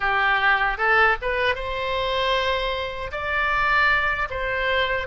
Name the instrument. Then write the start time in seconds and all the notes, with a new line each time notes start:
oboe
0.00 G4
0.77 A4
1.21 B4
1.55 C5
3.11 D5
4.30 C5